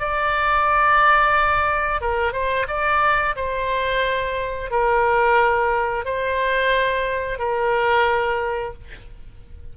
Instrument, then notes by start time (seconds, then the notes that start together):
oboe
0.00 D5
2.01 A#4
2.33 C5
2.68 D5
3.36 C5
4.71 A#4
6.06 C5
7.39 A#4